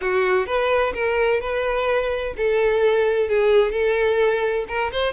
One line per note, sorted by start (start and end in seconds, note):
0.01 0.46 F#4
0.46 0.93 B4
0.93 1.40 A#4
1.40 2.34 B4
2.37 3.28 A4
3.28 3.71 G#4
3.71 4.65 A4
4.67 4.91 A#4
4.92 5.13 C5